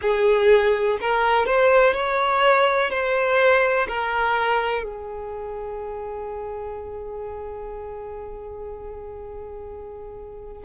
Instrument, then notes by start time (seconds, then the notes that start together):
violin
0.01 G#4
1.00 A#4
1.46 C5
1.94 C#5
2.90 C5
3.88 A#4
4.83 G#4